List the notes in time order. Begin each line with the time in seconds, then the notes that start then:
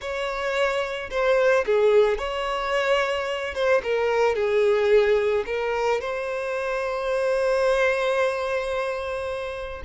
0.01 C#5
1.10 C5
1.66 G#4
2.18 C#5
3.54 C5
3.83 A#4
4.35 G#4
5.46 A#4
6.00 C5